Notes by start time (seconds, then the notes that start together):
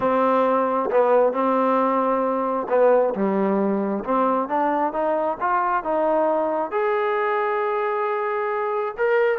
0.00 C4
0.90 B3
1.32 C4
2.69 B3
3.14 G3
4.04 C4
4.48 D4
4.93 D#4
5.40 F4
5.83 D#4
6.71 G#4
8.97 A#4